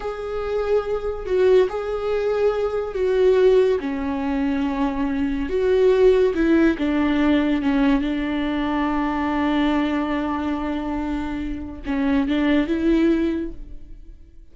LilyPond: \new Staff \with { instrumentName = "viola" } { \time 4/4 \tempo 4 = 142 gis'2. fis'4 | gis'2. fis'4~ | fis'4 cis'2.~ | cis'4 fis'2 e'4 |
d'2 cis'4 d'4~ | d'1~ | d'1 | cis'4 d'4 e'2 | }